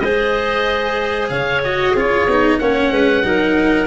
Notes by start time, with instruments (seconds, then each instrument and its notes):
0.00 tuba G#3, cello G#4, clarinet C5, oboe D#5
1.29 tuba C#3, clarinet C#5, oboe F5
1.64 cello F#4, oboe D#5
1.92 tuba C#4, cello F4, clarinet G#4
1.99 oboe C#5
2.27 tuba B3, cello D#4
2.59 tuba A#3, cello C#4, clarinet C#5, oboe F#5
2.91 tuba G#3, clarinet B4
3.24 tuba F#3, cello D#4, clarinet A#4